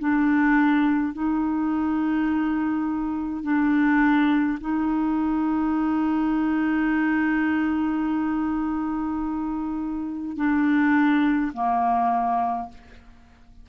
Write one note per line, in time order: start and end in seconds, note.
0.00 1.13 D4
1.13 3.44 D#4
3.44 4.59 D4
4.60 10.37 D#4
10.37 11.52 D4
11.54 12.69 A#3